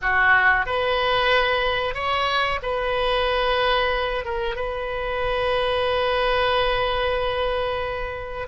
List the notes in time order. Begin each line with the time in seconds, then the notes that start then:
0.01 F#4
0.66 B4
1.94 C#5
2.62 B4
4.24 A#4
4.55 B4